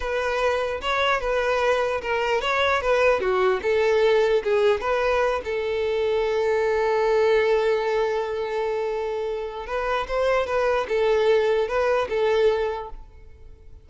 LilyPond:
\new Staff \with { instrumentName = "violin" } { \time 4/4 \tempo 4 = 149 b'2 cis''4 b'4~ | b'4 ais'4 cis''4 b'4 | fis'4 a'2 gis'4 | b'4. a'2~ a'8~ |
a'1~ | a'1 | b'4 c''4 b'4 a'4~ | a'4 b'4 a'2 | }